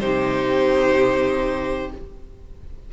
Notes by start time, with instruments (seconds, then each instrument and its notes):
0.00 cello C3, viola D#4, violin G4 C5